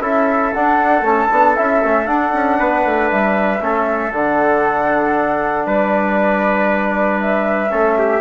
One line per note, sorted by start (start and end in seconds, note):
0.00 0.51 C#4
0.00 0.52 E4
0.00 2.58 A4
0.00 0.53 E5
0.53 1.03 D4
0.53 1.01 D4
0.53 1.04 F#5
1.01 1.27 A3
1.01 1.29 C#4
1.01 1.56 A5
1.31 1.57 B3
1.31 1.57 D4
1.56 1.83 C#4
1.56 1.82 E4
1.56 2.07 E5
1.83 2.07 A3
1.83 2.06 C#4
2.06 3.60 D4
2.06 2.33 D4
2.06 3.09 F#5
2.33 2.59 C#4
2.58 2.85 B3
2.58 3.61 B4
2.85 3.10 A3
3.10 3.61 G3
3.10 4.12 E5
3.61 4.12 A3
3.61 4.12 C#4
3.61 5.66 A4
4.12 5.65 D3
4.12 7.69 D4
4.12 5.68 F#5
5.65 7.71 G3
5.65 7.71 B4
5.65 7.20 D5
7.20 8.21 E5
7.69 8.21 A3
7.69 8.20 C#4
7.69 7.97 A4
7.98 8.21 G4